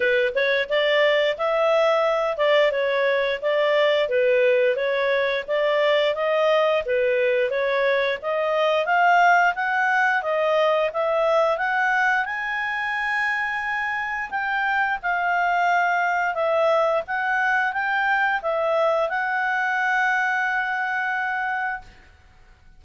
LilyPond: \new Staff \with { instrumentName = "clarinet" } { \time 4/4 \tempo 4 = 88 b'8 cis''8 d''4 e''4. d''8 | cis''4 d''4 b'4 cis''4 | d''4 dis''4 b'4 cis''4 | dis''4 f''4 fis''4 dis''4 |
e''4 fis''4 gis''2~ | gis''4 g''4 f''2 | e''4 fis''4 g''4 e''4 | fis''1 | }